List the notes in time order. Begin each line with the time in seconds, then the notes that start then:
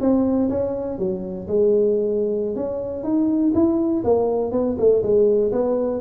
0.00 C4
0.49 C#4
0.98 F#3
1.47 G#3
2.55 C#4
3.03 D#4
3.54 E4
4.04 A#3
4.51 B3
4.78 A3
5.02 G#3
5.52 B3